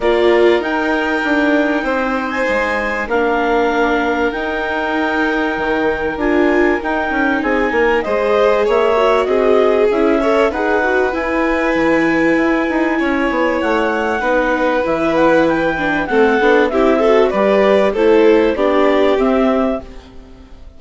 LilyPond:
<<
  \new Staff \with { instrumentName = "clarinet" } { \time 4/4 \tempo 4 = 97 d''4 g''2~ g''8. gis''16~ | gis''4 f''2 g''4~ | g''2 gis''4 g''4 | gis''4 dis''4 e''4 dis''4 |
e''4 fis''4 gis''2~ | gis''2 fis''2 | e''8 fis''8 g''4 fis''4 e''4 | d''4 c''4 d''4 e''4 | }
  \new Staff \with { instrumentName = "violin" } { \time 4/4 ais'2. c''4~ | c''4 ais'2.~ | ais'1 | gis'8 ais'8 c''4 cis''4 gis'4~ |
gis'8 cis''8 b'2.~ | b'4 cis''2 b'4~ | b'2 a'4 g'8 a'8 | b'4 a'4 g'2 | }
  \new Staff \with { instrumentName = "viola" } { \time 4/4 f'4 dis'2.~ | dis'4 d'2 dis'4~ | dis'2 f'4 dis'4~ | dis'4 gis'4. fis'4. |
e'8 a'8 gis'8 fis'8 e'2~ | e'2. dis'4 | e'4. d'8 c'8 d'8 e'8 fis'8 | g'4 e'4 d'4 c'4 | }
  \new Staff \with { instrumentName = "bassoon" } { \time 4/4 ais4 dis'4 d'4 c'4 | gis4 ais2 dis'4~ | dis'4 dis4 d'4 dis'8 cis'8 | c'8 ais8 gis4 ais4 c'4 |
cis'4 dis'4 e'4 e4 | e'8 dis'8 cis'8 b8 a4 b4 | e2 a8 b8 c'4 | g4 a4 b4 c'4 | }
>>